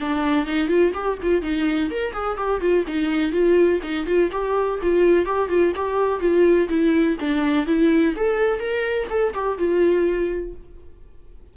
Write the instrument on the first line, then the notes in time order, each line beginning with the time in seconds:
viola
0.00 D4
0.47 D#4
0.68 F4
0.94 G4
1.23 F4
1.42 D#4
1.91 A#4
2.14 G#4
2.38 G4
2.61 F4
2.88 D#4
3.32 F4
3.83 D#4
4.07 F4
4.32 G4
4.83 F4
5.26 G4
5.49 F4
5.76 G4
6.20 F4
6.69 E4
7.20 D4
7.67 E4
8.16 A4
8.60 A#4
9.10 A4
9.34 G4
9.58 F4